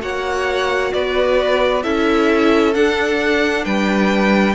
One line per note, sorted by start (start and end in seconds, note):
0.00 0.93 A#3
0.00 1.82 F#4
0.00 0.93 C#5
0.00 0.93 F#5
0.93 1.85 B3
0.93 1.83 B4
0.93 1.83 D5
1.83 2.76 C#4
1.83 2.74 E4
1.83 3.64 A4
1.83 2.74 E5
2.74 4.55 D4
2.74 3.65 D4
2.74 3.65 F#5
3.64 4.55 G3
3.64 4.55 B4
3.64 4.55 G5